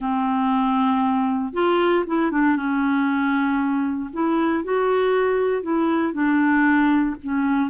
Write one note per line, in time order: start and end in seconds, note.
0.00 1.53 C4
1.53 2.04 F4
2.06 2.31 E4
2.31 2.56 D4
2.56 4.10 C#4
4.13 4.64 E4
4.64 5.62 F#4
5.62 6.13 E4
6.13 7.15 D4
7.23 7.70 C#4